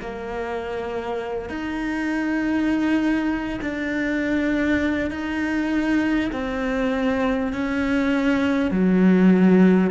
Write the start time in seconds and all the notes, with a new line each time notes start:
0.00 A#3
1.49 D#4
3.61 D4
5.10 D#4
6.32 C4
7.52 C#4
8.71 F#3